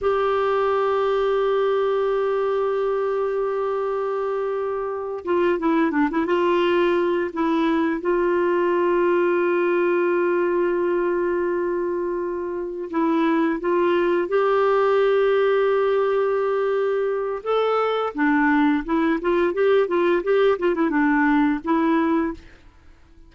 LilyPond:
\new Staff \with { instrumentName = "clarinet" } { \time 4/4 \tempo 4 = 86 g'1~ | g'2.~ g'8 f'8 | e'8 d'16 e'16 f'4. e'4 f'8~ | f'1~ |
f'2~ f'8 e'4 f'8~ | f'8 g'2.~ g'8~ | g'4 a'4 d'4 e'8 f'8 | g'8 f'8 g'8 f'16 e'16 d'4 e'4 | }